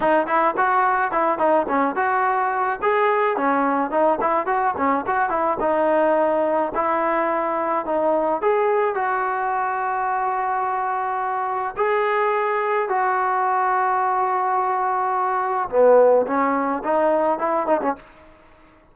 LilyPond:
\new Staff \with { instrumentName = "trombone" } { \time 4/4 \tempo 4 = 107 dis'8 e'8 fis'4 e'8 dis'8 cis'8 fis'8~ | fis'4 gis'4 cis'4 dis'8 e'8 | fis'8 cis'8 fis'8 e'8 dis'2 | e'2 dis'4 gis'4 |
fis'1~ | fis'4 gis'2 fis'4~ | fis'1 | b4 cis'4 dis'4 e'8 dis'16 cis'16 | }